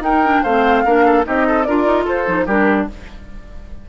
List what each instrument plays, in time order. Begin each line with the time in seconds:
0.00 bassoon D#4, clarinet D#4, oboe A#4, flute G5
0.25 clarinet D4
0.43 bassoon A3, clarinet C4, oboe C5, flute F5
0.85 bassoon A#3, clarinet D4, oboe A#4
1.05 oboe A4
1.24 bassoon C4, clarinet D#4, oboe G4, flute D#5
1.47 oboe A4
1.64 bassoon D4, clarinet F4, oboe A#4, flute D5
1.86 bassoon D#4
2.05 bassoon F4, oboe A4, flute C5
2.26 bassoon F3, clarinet D#4
2.46 bassoon G3, clarinet D4, oboe G4, flute A#4